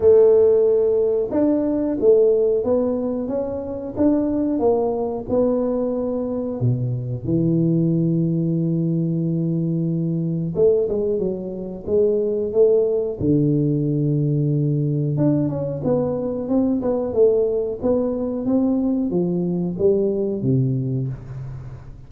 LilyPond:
\new Staff \with { instrumentName = "tuba" } { \time 4/4 \tempo 4 = 91 a2 d'4 a4 | b4 cis'4 d'4 ais4 | b2 b,4 e4~ | e1 |
a8 gis8 fis4 gis4 a4 | d2. d'8 cis'8 | b4 c'8 b8 a4 b4 | c'4 f4 g4 c4 | }